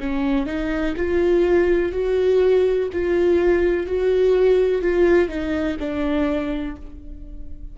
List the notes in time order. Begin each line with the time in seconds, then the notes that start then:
0.00 C#4
0.46 D#4
0.97 F4
1.92 F#4
2.93 F4
3.87 F#4
4.82 F4
5.28 D#4
5.79 D4